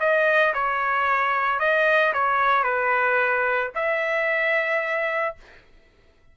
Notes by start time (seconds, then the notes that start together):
0.00 D#5
0.54 C#5
1.60 D#5
2.14 C#5
2.64 B4
3.75 E5